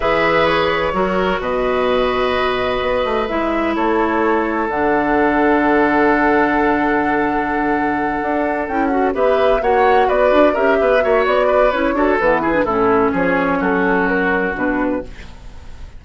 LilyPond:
<<
  \new Staff \with { instrumentName = "flute" } { \time 4/4 \tempo 4 = 128 e''4 cis''2 dis''4~ | dis''2. e''4 | cis''2 fis''2~ | fis''1~ |
fis''2~ fis''8 g''8 fis''8 e''8~ | e''8 fis''4 d''4 e''4. | d''4 cis''4 b'4 a'4 | cis''4 a'4 ais'4 b'4 | }
  \new Staff \with { instrumentName = "oboe" } { \time 4/4 b'2 ais'4 b'4~ | b'1 | a'1~ | a'1~ |
a'2.~ a'8 b'8~ | b'8 cis''4 b'4 ais'8 b'8 cis''8~ | cis''8 b'4 a'4 gis'8 e'4 | gis'4 fis'2. | }
  \new Staff \with { instrumentName = "clarinet" } { \time 4/4 gis'2 fis'2~ | fis'2. e'4~ | e'2 d'2~ | d'1~ |
d'2~ d'8 e'8 fis'8 g'8~ | g'8 fis'2 g'4 fis'8~ | fis'4 e'8 fis'8 b8 e'16 d'16 cis'4~ | cis'2. d'4 | }
  \new Staff \with { instrumentName = "bassoon" } { \time 4/4 e2 fis4 b,4~ | b,2 b8 a8 gis4 | a2 d2~ | d1~ |
d4. d'4 cis'4 b8~ | b8 ais4 b8 d'8 cis'8 b8 ais8 | b4 cis'8 d'8 e4 a,4 | f4 fis2 b,4 | }
>>